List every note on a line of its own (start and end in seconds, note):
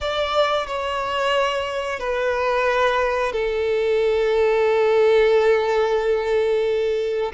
0.00 0.67 D5
0.67 1.99 C#5
1.99 3.32 B4
3.32 7.32 A4